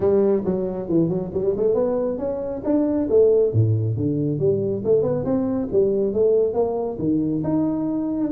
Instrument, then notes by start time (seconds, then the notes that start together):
tuba
0.00 G3
0.44 F#3
0.88 E3
1.08 F#3
1.33 G3
1.56 A3
1.74 B3
2.18 C#4
2.64 D4
3.09 A3
3.52 A2
3.96 D3
4.39 G3
4.84 A3
5.02 B3
5.24 C4
5.72 G3
6.13 A3
6.53 A#3
6.99 D#3
7.43 D#4